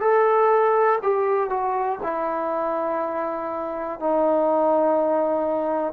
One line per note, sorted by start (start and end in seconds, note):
0.00 0.98 A4
1.02 1.49 G4
1.49 1.99 F#4
2.03 3.99 E4
3.99 5.93 D#4